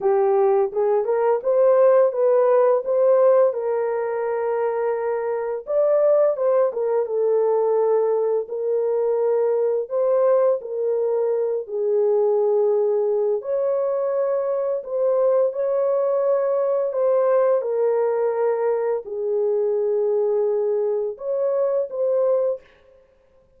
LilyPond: \new Staff \with { instrumentName = "horn" } { \time 4/4 \tempo 4 = 85 g'4 gis'8 ais'8 c''4 b'4 | c''4 ais'2. | d''4 c''8 ais'8 a'2 | ais'2 c''4 ais'4~ |
ais'8 gis'2~ gis'8 cis''4~ | cis''4 c''4 cis''2 | c''4 ais'2 gis'4~ | gis'2 cis''4 c''4 | }